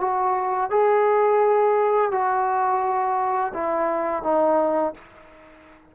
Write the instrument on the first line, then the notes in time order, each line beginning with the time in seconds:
trombone
0.00 F#4
0.70 G#4
2.11 F#4
3.54 E4
4.23 D#4